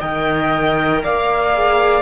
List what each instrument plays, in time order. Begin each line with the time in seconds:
0.00 cello D#3, viola A#4, flute D#5, violin G5
1.03 cello A#3, flute D5, violin F5
1.54 viola G#4